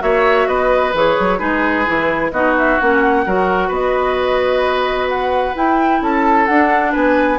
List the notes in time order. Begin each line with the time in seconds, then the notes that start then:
0.00 A#3 F#4 C#5 E5
0.48 B3 B4 D#5
0.94 E3 G#4 C#5
1.20 F#3
1.39 G#3 D#4 G#4 B4
1.86 E3 E4
2.32 B3 D#4 F#4 D#5
2.59 E5
2.80 A#3 C#4 F#5
3.27 F#3 F#4 A#4
3.68 B3 B4 D#5
5.09 F#5
5.55 E4 G5
6.02 C#4 A4 A5
6.46 D4 F#5
6.92 B3 B4 G#5